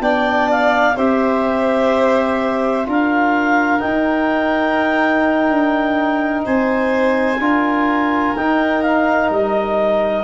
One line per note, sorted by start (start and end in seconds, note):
0.00 0.95 B3
0.00 0.96 D4
0.00 0.96 D5
0.00 0.49 G5
0.51 0.97 F5
0.96 2.87 C4
0.96 2.85 G4
0.96 2.86 C5
0.96 2.88 E5
2.85 3.83 D4
2.85 3.80 F4
2.85 6.45 A#4
2.85 3.80 F5
3.80 7.37 D#4
3.80 5.49 D#4
3.80 6.42 G5
5.49 6.44 D4
6.45 7.39 C4
6.45 7.40 C5
6.45 8.36 G#5
7.39 8.34 D4
7.39 8.36 F4
7.39 10.24 A#4
8.36 9.30 D#4
8.36 10.24 D#4
8.36 8.82 G5
8.82 9.30 F5
9.30 10.24 G3
9.30 10.24 D#5